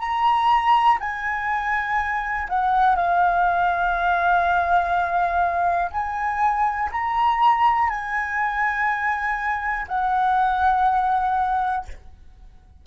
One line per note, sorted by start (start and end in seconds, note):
0.00 0.98 A#5
1.01 2.48 G#5
2.49 2.96 F#5
2.96 5.91 F5
5.91 6.89 G#5
6.92 7.90 A#5
7.90 9.86 G#5
9.89 11.85 F#5